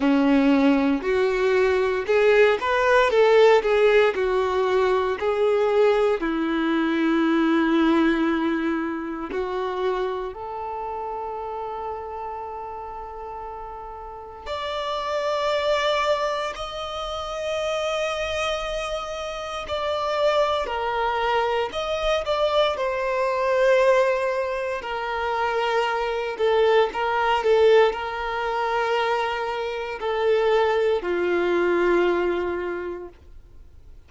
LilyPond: \new Staff \with { instrumentName = "violin" } { \time 4/4 \tempo 4 = 58 cis'4 fis'4 gis'8 b'8 a'8 gis'8 | fis'4 gis'4 e'2~ | e'4 fis'4 a'2~ | a'2 d''2 |
dis''2. d''4 | ais'4 dis''8 d''8 c''2 | ais'4. a'8 ais'8 a'8 ais'4~ | ais'4 a'4 f'2 | }